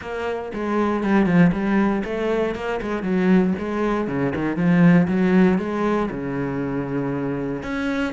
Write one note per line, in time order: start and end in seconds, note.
0.01 0.52 A#3
0.53 1.03 G#3
1.03 1.26 G3
1.26 1.51 F3
1.52 2.03 G3
2.04 2.55 A3
2.55 2.80 A#3
2.81 3.03 G#3
3.03 3.53 F#3
3.58 4.07 G#3
4.07 4.33 C#3
4.35 4.56 D#3
4.56 5.07 F3
5.07 5.58 F#3
5.58 6.09 G#3
6.10 7.62 C#3
7.62 8.13 C#4